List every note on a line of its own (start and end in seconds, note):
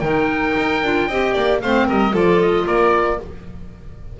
0.00 0.54 D#3
0.00 0.82 D#4
0.00 1.08 A#4
0.00 1.58 G5
0.57 0.83 D#4
0.83 1.08 D4
0.83 1.10 F4
1.08 1.35 C4
1.08 1.63 G4
1.08 1.33 D#5
1.33 1.63 A#3
1.33 1.59 D5
1.61 1.89 A3
1.61 2.13 C4
1.61 1.87 C5
1.61 1.88 F5
1.87 2.14 G3
1.87 2.12 A#4
1.87 2.15 D#5
2.12 2.66 F3
2.12 3.18 F4
2.12 2.65 A4
2.12 2.41 D5
2.41 2.67 D#5
2.66 3.20 A#3
2.66 3.18 A#4
2.66 3.19 D5